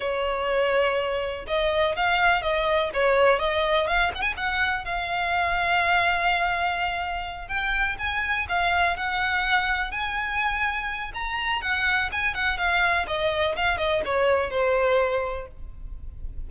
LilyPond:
\new Staff \with { instrumentName = "violin" } { \time 4/4 \tempo 4 = 124 cis''2. dis''4 | f''4 dis''4 cis''4 dis''4 | f''8 fis''16 gis''16 fis''4 f''2~ | f''2.~ f''8 g''8~ |
g''8 gis''4 f''4 fis''4.~ | fis''8 gis''2~ gis''8 ais''4 | fis''4 gis''8 fis''8 f''4 dis''4 | f''8 dis''8 cis''4 c''2 | }